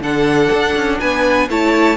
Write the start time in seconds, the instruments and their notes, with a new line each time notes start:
0.00 cello D3, viola D4, violin A4 F#5
0.53 cello D4
0.76 cello C#4
0.99 cello B3, violin B4 G#5
1.49 cello A3, viola E4, violin C#5 A5